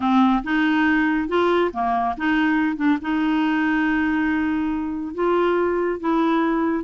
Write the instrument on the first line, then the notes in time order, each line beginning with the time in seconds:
clarinet
0.00 C4
0.43 D#4
1.28 F4
1.72 A#3
2.17 D#4
2.76 D4
3.01 D#4
5.14 F4
6.00 E4